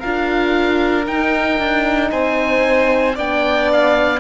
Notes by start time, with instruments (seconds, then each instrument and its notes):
0.00 cello D4, horn F4, violin A#4, oboe F5
1.05 horn D#4, cello D#4, oboe G5
1.59 cello D4
2.12 cello C4, violin C5, oboe G#5
3.16 cello B3, horn D4, violin D5, oboe G5
3.73 oboe F5